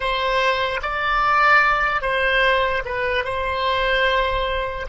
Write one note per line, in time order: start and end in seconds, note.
0.00 0.80 C5
0.82 2.01 D5
2.01 2.82 C5
2.85 3.24 B4
3.24 4.86 C5